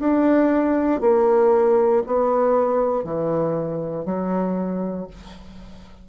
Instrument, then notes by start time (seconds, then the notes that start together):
bassoon
0.00 D4
1.01 A#3
2.07 B3
3.04 E3
4.06 F#3